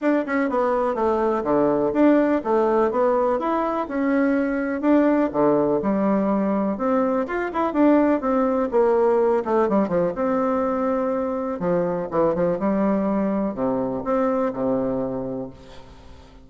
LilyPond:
\new Staff \with { instrumentName = "bassoon" } { \time 4/4 \tempo 4 = 124 d'8 cis'8 b4 a4 d4 | d'4 a4 b4 e'4 | cis'2 d'4 d4 | g2 c'4 f'8 e'8 |
d'4 c'4 ais4. a8 | g8 f8 c'2. | f4 e8 f8 g2 | c4 c'4 c2 | }